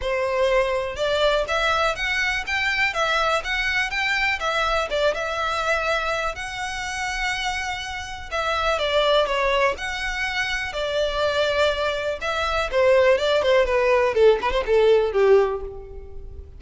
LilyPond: \new Staff \with { instrumentName = "violin" } { \time 4/4 \tempo 4 = 123 c''2 d''4 e''4 | fis''4 g''4 e''4 fis''4 | g''4 e''4 d''8 e''4.~ | e''4 fis''2.~ |
fis''4 e''4 d''4 cis''4 | fis''2 d''2~ | d''4 e''4 c''4 d''8 c''8 | b'4 a'8 b'16 c''16 a'4 g'4 | }